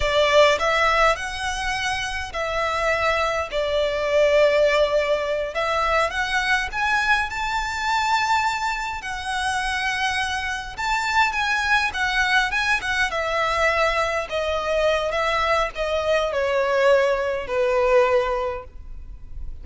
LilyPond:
\new Staff \with { instrumentName = "violin" } { \time 4/4 \tempo 4 = 103 d''4 e''4 fis''2 | e''2 d''2~ | d''4. e''4 fis''4 gis''8~ | gis''8 a''2. fis''8~ |
fis''2~ fis''8 a''4 gis''8~ | gis''8 fis''4 gis''8 fis''8 e''4.~ | e''8 dis''4. e''4 dis''4 | cis''2 b'2 | }